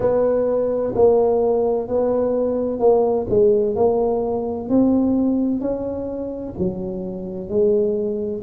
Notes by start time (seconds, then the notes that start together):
0.00 B3
0.95 A#3
1.87 B3
2.79 A#3
3.29 G#3
3.75 A#3
4.69 C4
5.60 C#4
6.58 F#3
7.49 G#3